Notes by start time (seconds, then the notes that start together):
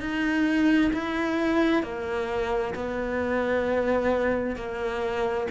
0.00 D#4
0.93 E4
1.83 A#3
2.75 B3
4.56 A#3